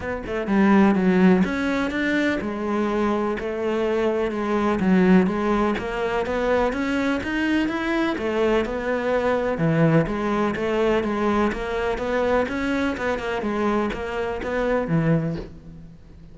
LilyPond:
\new Staff \with { instrumentName = "cello" } { \time 4/4 \tempo 4 = 125 b8 a8 g4 fis4 cis'4 | d'4 gis2 a4~ | a4 gis4 fis4 gis4 | ais4 b4 cis'4 dis'4 |
e'4 a4 b2 | e4 gis4 a4 gis4 | ais4 b4 cis'4 b8 ais8 | gis4 ais4 b4 e4 | }